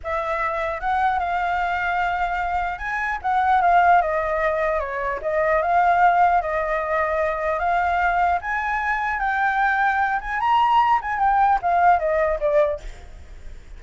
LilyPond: \new Staff \with { instrumentName = "flute" } { \time 4/4 \tempo 4 = 150 e''2 fis''4 f''4~ | f''2. gis''4 | fis''4 f''4 dis''2 | cis''4 dis''4 f''2 |
dis''2. f''4~ | f''4 gis''2 g''4~ | g''4. gis''8 ais''4. gis''8 | g''4 f''4 dis''4 d''4 | }